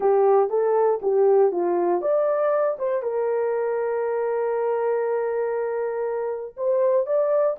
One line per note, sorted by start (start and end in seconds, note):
0.00 0.49 G4
0.49 0.99 A4
1.02 1.51 G4
1.51 2.01 F4
2.01 2.77 D5
2.79 3.02 C5
3.02 6.55 A#4
6.56 7.06 C5
7.06 7.56 D5